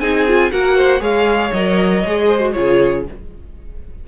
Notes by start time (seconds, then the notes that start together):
0.00 C4 D#4 G#4 G#5
0.28 F4
0.51 A#3 F#4 A#4 F#5
0.77 C5
1.00 G#3 G#4 C#5 F5
1.53 F#3 A#4 D#5
2.05 G#3 G#4
2.27 C5
2.41 F#4
2.53 C#3 F4 G#4 C#5